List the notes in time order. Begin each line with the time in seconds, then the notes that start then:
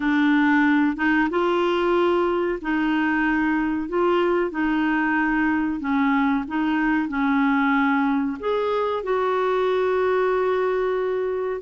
0.00 D4
0.96 D#4
1.30 F4
2.61 D#4
3.88 F4
4.50 D#4
5.79 C#4
6.47 D#4
7.08 C#4
8.39 G#4
9.03 F#4